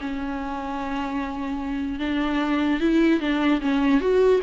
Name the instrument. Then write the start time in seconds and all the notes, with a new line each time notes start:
viola
0.00 C#4
1.99 D4
2.80 E4
3.20 D4
3.60 C#4
4.00 F#4